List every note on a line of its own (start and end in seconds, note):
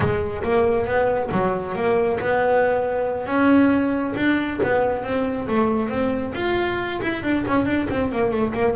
0.00 0.42 G#3
0.43 0.86 A#3
0.86 1.30 B3
1.31 1.75 F#3
1.75 2.19 A#3
2.20 3.26 B3
3.26 4.13 C#4
4.16 4.60 D4
4.63 5.03 B3
5.03 5.47 C4
5.48 5.89 A3
5.89 6.33 C4
6.34 7.00 F4
7.02 7.23 E4
7.23 7.45 D4
7.47 7.65 C#4
7.65 7.87 D4
7.90 8.11 C4
8.12 8.31 A#3
8.31 8.52 A3
8.53 8.75 A#3